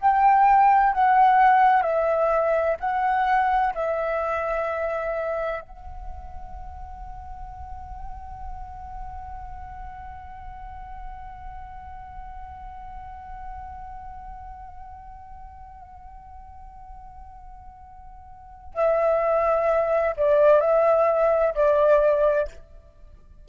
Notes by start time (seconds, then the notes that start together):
0.00 G5
0.93 F#5
1.82 E5
2.80 F#5
3.75 E5
5.61 F#5
18.75 E5
20.16 D5
20.60 E5
21.55 D5